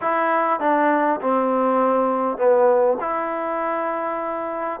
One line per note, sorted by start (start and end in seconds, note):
0.01 0.59 E4
0.59 1.19 D4
1.20 2.37 C4
2.37 2.97 B3
3.00 4.80 E4